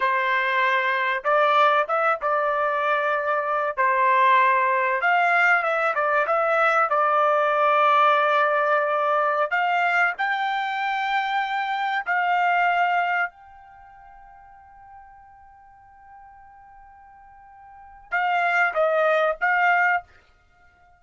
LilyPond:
\new Staff \with { instrumentName = "trumpet" } { \time 4/4 \tempo 4 = 96 c''2 d''4 e''8 d''8~ | d''2 c''2 | f''4 e''8 d''8 e''4 d''4~ | d''2.~ d''16 f''8.~ |
f''16 g''2. f''8.~ | f''4~ f''16 g''2~ g''8.~ | g''1~ | g''4 f''4 dis''4 f''4 | }